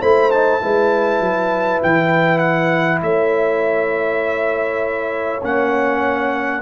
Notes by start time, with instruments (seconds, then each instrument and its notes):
0.00 tuba A3, trombone E4, horn C5, trumpet B5
0.30 trombone D#4, trumpet A5
0.61 tuba G#3, trombone E4, horn B4
1.20 tuba F#3
1.82 tuba E3, trumpet G5
2.38 trumpet F#5
3.02 tuba A3, horn C#5, trumpet E5
5.42 tuba A#3, trombone C#4, trumpet F#5